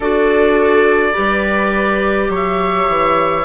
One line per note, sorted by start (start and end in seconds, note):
0.00 1.14 D4
0.00 1.12 F#4
0.00 1.13 A4
0.00 2.32 D5
1.12 2.29 G3
1.12 3.43 G4
1.12 2.28 B4
2.29 2.87 F#3
2.29 3.45 C#5
2.35 3.45 E5
2.87 3.45 E3